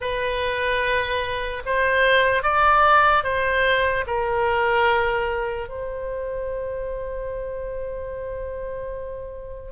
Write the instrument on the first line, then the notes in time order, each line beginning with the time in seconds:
oboe
0.00 B4
1.65 C5
2.43 D5
3.23 C5
4.07 A#4
5.68 C5